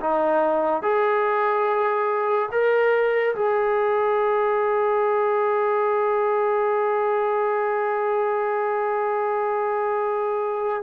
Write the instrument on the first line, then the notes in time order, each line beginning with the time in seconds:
trombone
0.00 D#4
0.82 G#4
2.52 A#4
3.35 G#4